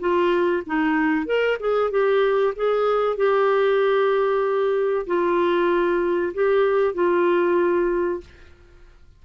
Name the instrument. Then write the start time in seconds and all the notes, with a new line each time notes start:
clarinet
0.00 F4
0.67 D#4
1.26 A#4
1.60 G#4
1.91 G4
2.56 G#4
3.17 G4
5.07 F4
6.34 G4
6.94 F4